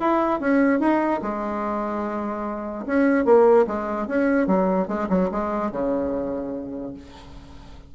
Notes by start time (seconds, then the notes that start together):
0.00 E4
0.40 C#4
0.80 D#4
1.22 G#3
2.86 C#4
3.25 A#3
3.67 G#3
4.07 C#4
4.47 F#3
4.88 G#3
5.09 F#3
5.31 G#3
5.71 C#3